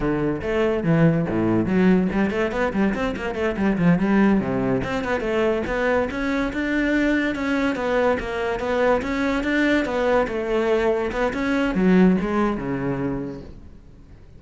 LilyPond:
\new Staff \with { instrumentName = "cello" } { \time 4/4 \tempo 4 = 143 d4 a4 e4 a,4 | fis4 g8 a8 b8 g8 c'8 ais8 | a8 g8 f8 g4 c4 c'8 | b8 a4 b4 cis'4 d'8~ |
d'4. cis'4 b4 ais8~ | ais8 b4 cis'4 d'4 b8~ | b8 a2 b8 cis'4 | fis4 gis4 cis2 | }